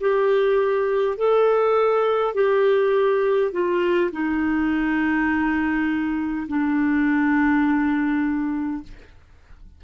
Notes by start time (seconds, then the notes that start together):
0.00 G4
1.17 A4
2.34 G4
3.52 F4
4.11 D#4
6.48 D4